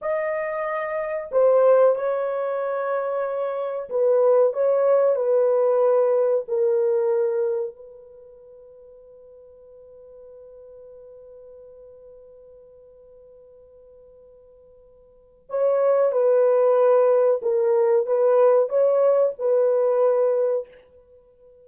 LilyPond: \new Staff \with { instrumentName = "horn" } { \time 4/4 \tempo 4 = 93 dis''2 c''4 cis''4~ | cis''2 b'4 cis''4 | b'2 ais'2 | b'1~ |
b'1~ | b'1 | cis''4 b'2 ais'4 | b'4 cis''4 b'2 | }